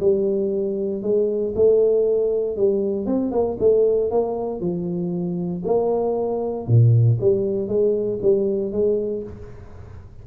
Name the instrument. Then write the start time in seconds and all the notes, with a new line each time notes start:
tuba
0.00 G3
1.02 G#3
1.55 A3
2.56 G3
3.06 C4
3.31 A#3
3.60 A3
4.10 A#3
4.60 F3
5.65 A#3
6.67 A#2
7.20 G3
7.68 G#3
8.22 G3
8.72 G#3